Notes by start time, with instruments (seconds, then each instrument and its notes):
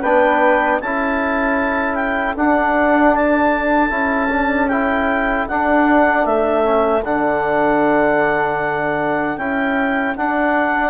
0.00 bassoon B3, trombone D4, flute B4, clarinet G5
0.77 bassoon C#4, trombone E4, flute A4, clarinet A5
1.94 clarinet G5
2.35 bassoon D4, trombone D4, clarinet F#5
3.15 clarinet A5
3.90 bassoon C#4, trombone E4
4.29 trombone D4
4.68 trombone E4, clarinet G5
5.48 trombone D4, bassoon D4, clarinet F#5
6.25 bassoon A3, clarinet E5
6.63 trombone C#4
7.04 bassoon D3, trombone D4, clarinet F#5
9.36 bassoon C#4, trombone E4, clarinet G5
10.16 trombone D4, bassoon D4, clarinet F#5